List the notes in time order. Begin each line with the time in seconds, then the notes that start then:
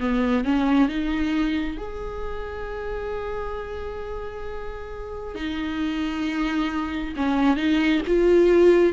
0.00 B3
0.45 C#4
0.89 D#4
1.77 G#4
5.35 D#4
7.16 C#4
7.57 D#4
8.08 F4